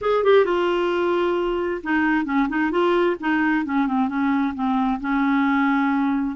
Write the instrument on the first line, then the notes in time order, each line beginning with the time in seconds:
clarinet
0.01 G#4
0.24 G4
0.45 F4
1.83 D#4
2.25 C#4
2.49 D#4
2.71 F4
3.19 D#4
3.65 C#4
3.87 C4
4.08 C#4
4.54 C4
5.00 C#4